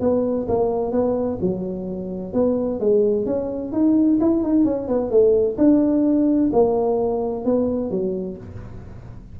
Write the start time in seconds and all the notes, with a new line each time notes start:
0.00 B3
0.48 A#3
0.92 B3
1.41 F#3
2.33 B3
2.80 G#3
3.26 C#4
3.72 D#4
4.21 E4
4.43 D#4
4.64 C#4
4.88 B3
5.10 A3
5.58 D4
6.52 A#3
7.45 B3
7.90 F#3